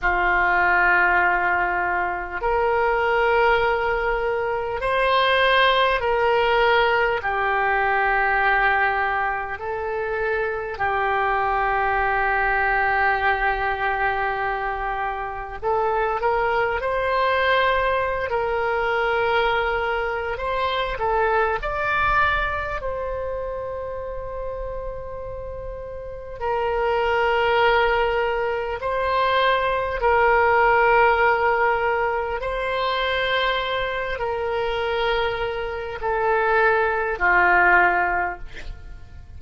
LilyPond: \new Staff \with { instrumentName = "oboe" } { \time 4/4 \tempo 4 = 50 f'2 ais'2 | c''4 ais'4 g'2 | a'4 g'2.~ | g'4 a'8 ais'8 c''4~ c''16 ais'8.~ |
ais'4 c''8 a'8 d''4 c''4~ | c''2 ais'2 | c''4 ais'2 c''4~ | c''8 ais'4. a'4 f'4 | }